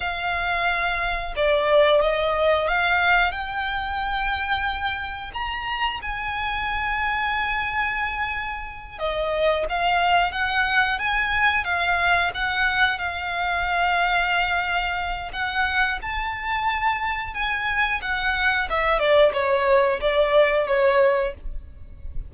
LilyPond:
\new Staff \with { instrumentName = "violin" } { \time 4/4 \tempo 4 = 90 f''2 d''4 dis''4 | f''4 g''2. | ais''4 gis''2.~ | gis''4. dis''4 f''4 fis''8~ |
fis''8 gis''4 f''4 fis''4 f''8~ | f''2. fis''4 | a''2 gis''4 fis''4 | e''8 d''8 cis''4 d''4 cis''4 | }